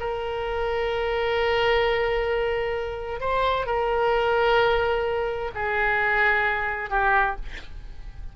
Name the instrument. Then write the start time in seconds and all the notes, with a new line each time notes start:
oboe
0.00 A#4
3.20 C5
3.66 A#4
5.55 G#4
6.90 G4